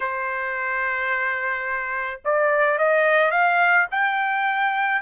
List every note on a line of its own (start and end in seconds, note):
0.00 2.20 C5
2.24 2.78 D5
2.78 3.31 D#5
3.31 3.86 F5
3.91 5.02 G5